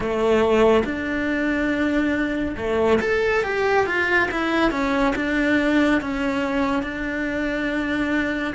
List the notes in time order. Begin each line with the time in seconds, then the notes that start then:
0.00 A3
0.84 D4
2.56 A3
3.00 A4
3.43 G4
3.86 F4
4.31 E4
4.71 C#4
5.15 D4
6.01 C#4
6.82 D4